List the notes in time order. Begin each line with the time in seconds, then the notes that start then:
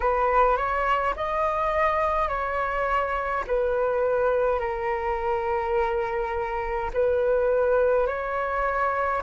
0.00 B4
0.56 C#5
1.15 D#5
2.28 C#5
3.47 B4
4.59 A#4
6.93 B4
8.06 C#5